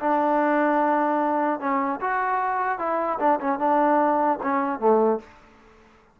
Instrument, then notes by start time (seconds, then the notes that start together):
trombone
0.00 D4
1.60 C#4
2.01 F#4
2.79 E4
3.20 D4
3.41 C#4
3.59 D4
4.43 C#4
4.79 A3